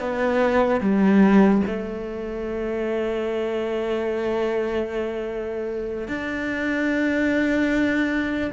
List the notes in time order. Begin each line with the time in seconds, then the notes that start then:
0.00 B3
0.81 G3
1.67 A3
6.08 D4